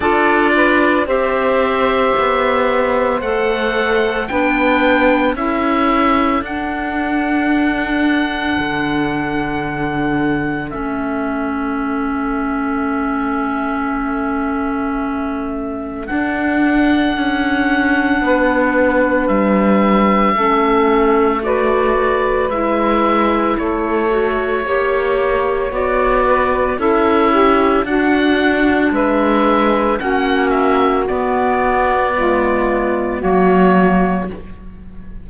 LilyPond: <<
  \new Staff \with { instrumentName = "oboe" } { \time 4/4 \tempo 4 = 56 d''4 e''2 fis''4 | g''4 e''4 fis''2~ | fis''2 e''2~ | e''2. fis''4~ |
fis''2 e''2 | d''4 e''4 cis''2 | d''4 e''4 fis''4 e''4 | fis''8 e''8 d''2 cis''4 | }
  \new Staff \with { instrumentName = "saxophone" } { \time 4/4 a'8 b'8 c''2. | b'4 a'2.~ | a'1~ | a'1~ |
a'4 b'2 a'4 | b'2 a'4 cis''4~ | cis''8 b'8 a'8 g'8 fis'4 b'4 | fis'2 f'4 fis'4 | }
  \new Staff \with { instrumentName = "clarinet" } { \time 4/4 f'4 g'2 a'4 | d'4 e'4 d'2~ | d'2 cis'2~ | cis'2. d'4~ |
d'2. cis'4 | fis'4 e'4. fis'8 g'4 | fis'4 e'4 d'2 | cis'4 b4 gis4 ais4 | }
  \new Staff \with { instrumentName = "cello" } { \time 4/4 d'4 c'4 b4 a4 | b4 cis'4 d'2 | d2 a2~ | a2. d'4 |
cis'4 b4 g4 a4~ | a4 gis4 a4 ais4 | b4 cis'4 d'4 gis4 | ais4 b2 fis4 | }
>>